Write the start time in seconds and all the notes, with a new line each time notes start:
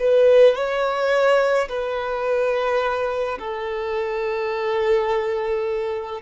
0.00 B4
0.56 C#5
1.69 B4
3.39 A4